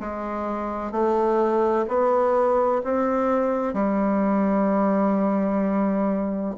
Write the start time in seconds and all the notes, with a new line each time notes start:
0.00 G#3
0.92 A3
1.88 B3
2.84 C4
3.73 G3